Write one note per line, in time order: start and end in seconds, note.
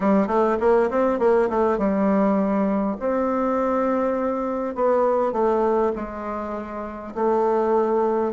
0.00 0.27 G3
0.27 0.57 A3
0.59 0.89 A#3
0.90 1.19 C4
1.19 1.49 A#3
1.49 1.78 A3
1.78 2.96 G3
2.99 4.75 C4
4.75 5.32 B3
5.32 5.91 A3
5.95 7.14 G#3
7.14 8.32 A3